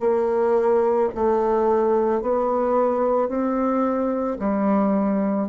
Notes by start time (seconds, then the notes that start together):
0.00 A#3
1.15 A3
2.22 B3
3.28 C4
4.39 G3